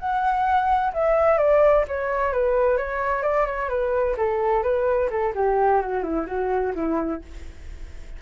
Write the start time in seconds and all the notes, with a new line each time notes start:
0.00 F#5
0.94 E5
1.38 D5
1.88 C#5
2.33 B4
2.78 C#5
3.23 D5
3.47 C#5
3.70 B4
4.18 A4
4.63 B4
5.11 A4
5.36 G4
5.82 F#4
6.03 E4
6.27 F#4
6.76 E4